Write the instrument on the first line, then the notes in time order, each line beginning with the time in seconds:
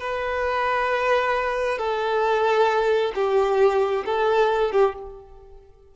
violin
0.00 B4
1.78 A4
3.15 G4
4.05 A4
4.72 G4